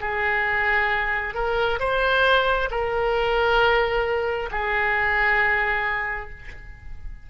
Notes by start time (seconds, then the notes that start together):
0.00 G#4
1.34 A#4
1.79 C5
2.70 A#4
4.51 G#4